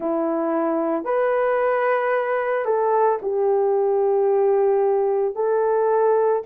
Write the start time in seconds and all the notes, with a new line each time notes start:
0.00 E4
1.04 B4
2.65 A4
3.21 G4
5.35 A4